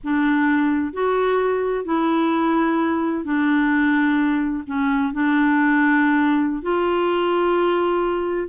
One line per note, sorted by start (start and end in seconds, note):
0.03 0.93 D4
0.93 1.84 F#4
1.84 3.24 E4
3.24 4.63 D4
4.66 5.13 C#4
5.13 6.62 D4
6.62 8.48 F4